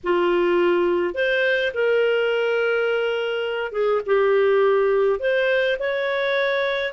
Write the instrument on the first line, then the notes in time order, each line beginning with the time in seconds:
clarinet
0.03 F4
1.14 C5
1.74 A#4
3.72 G#4
4.06 G4
5.19 C5
5.79 C#5